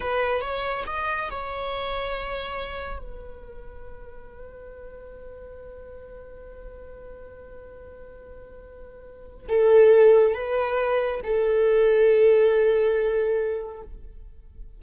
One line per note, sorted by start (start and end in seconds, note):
0.00 0.41 B4
0.41 0.84 C#5
0.87 1.30 D#5
1.30 2.99 C#5
2.99 9.46 B4
9.48 10.34 A4
10.34 11.20 B4
11.23 13.82 A4